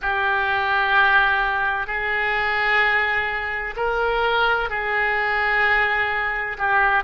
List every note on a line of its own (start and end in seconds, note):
0.01 1.86 G4
1.86 3.74 G#4
3.76 4.69 A#4
4.69 6.57 G#4
6.58 7.03 G4